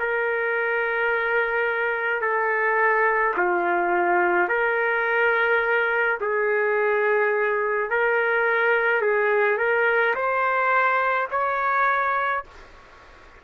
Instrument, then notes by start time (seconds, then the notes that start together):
trumpet
0.00 A#4
2.22 A4
3.37 F4
4.49 A#4
6.21 G#4
7.90 A#4
9.02 G#4
9.58 A#4
10.15 C5
11.31 C#5